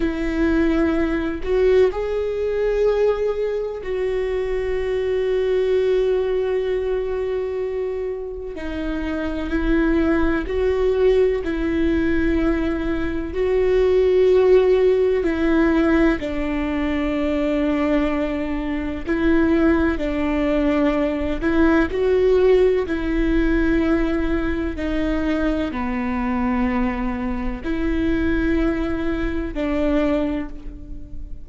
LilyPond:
\new Staff \with { instrumentName = "viola" } { \time 4/4 \tempo 4 = 63 e'4. fis'8 gis'2 | fis'1~ | fis'4 dis'4 e'4 fis'4 | e'2 fis'2 |
e'4 d'2. | e'4 d'4. e'8 fis'4 | e'2 dis'4 b4~ | b4 e'2 d'4 | }